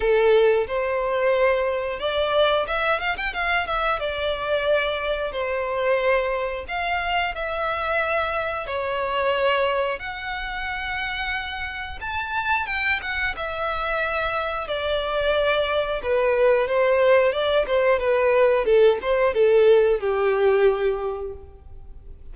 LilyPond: \new Staff \with { instrumentName = "violin" } { \time 4/4 \tempo 4 = 90 a'4 c''2 d''4 | e''8 f''16 g''16 f''8 e''8 d''2 | c''2 f''4 e''4~ | e''4 cis''2 fis''4~ |
fis''2 a''4 g''8 fis''8 | e''2 d''2 | b'4 c''4 d''8 c''8 b'4 | a'8 c''8 a'4 g'2 | }